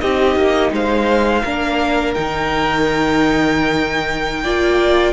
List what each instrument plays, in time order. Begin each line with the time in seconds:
0.00 cello C4, viola D#4, violin G4 D#5
0.36 cello A#3
0.72 cello G#3, violin C5 F5
1.44 cello A#3, viola D4, violin A#4
2.14 cello D#3, viola D#4, violin G5
4.43 cello A#3, viola F4, violin D5